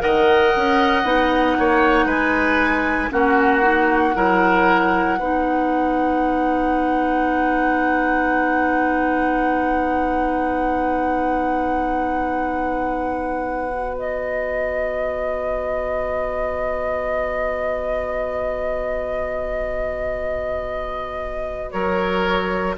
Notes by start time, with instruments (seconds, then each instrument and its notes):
0.00 bassoon D#3, clarinet A#4, oboe D#5, flute F#5
0.56 bassoon C#4
1.04 bassoon B3, clarinet D#4
1.59 bassoon A#3, oboe C#5
2.06 bassoon G#3, oboe B4, flute G#5
3.11 bassoon A#3, clarinet C#4, oboe F#4, flute F#5
3.62 clarinet D#4
4.15 bassoon F#3, clarinet E4, oboe A#4
5.20 bassoon B3, clarinet D#4, oboe B4
13.71 clarinet F#4
13.99 flute D#5
21.71 bassoon F#3, oboe A#4, flute C#5